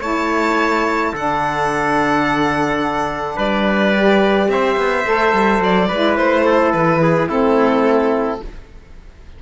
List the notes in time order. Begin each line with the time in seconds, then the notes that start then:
0.00 A3 E4 C#5 A5
1.13 D3 D4 A4 F#5
3.36 G3 B4 D5
3.94 G4
4.48 C4 C5 E5
4.77 B3
5.04 A3 A4
5.33 G3
5.59 F#3 D5
5.88 G#3 E4 B4
6.16 A3 C5
6.45 A4
6.72 E3 B4
7.02 G#4
7.28 A3 C4 E4 A4